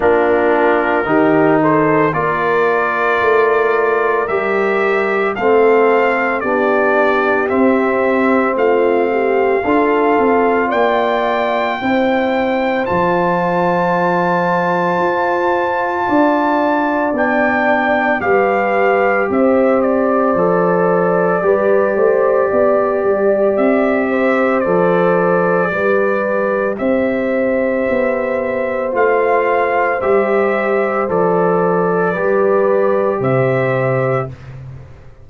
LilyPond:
<<
  \new Staff \with { instrumentName = "trumpet" } { \time 4/4 \tempo 4 = 56 ais'4. c''8 d''2 | e''4 f''4 d''4 e''4 | f''2 g''2 | a''1 |
g''4 f''4 e''8 d''4.~ | d''2 e''4 d''4~ | d''4 e''2 f''4 | e''4 d''2 e''4 | }
  \new Staff \with { instrumentName = "horn" } { \time 4/4 f'4 g'8 a'8 ais'2~ | ais'4 a'4 g'2 | f'8 g'8 a'4 d''4 c''4~ | c''2. d''4~ |
d''4 b'4 c''2 | b'8 c''8 d''4. c''4. | b'4 c''2.~ | c''2 b'4 c''4 | }
  \new Staff \with { instrumentName = "trombone" } { \time 4/4 d'4 dis'4 f'2 | g'4 c'4 d'4 c'4~ | c'4 f'2 e'4 | f'1 |
d'4 g'2 a'4 | g'2. a'4 | g'2. f'4 | g'4 a'4 g'2 | }
  \new Staff \with { instrumentName = "tuba" } { \time 4/4 ais4 dis4 ais4 a4 | g4 a4 b4 c'4 | a4 d'8 c'8 ais4 c'4 | f2 f'4 d'4 |
b4 g4 c'4 f4 | g8 a8 b8 g8 c'4 f4 | g4 c'4 b4 a4 | g4 f4 g4 c4 | }
>>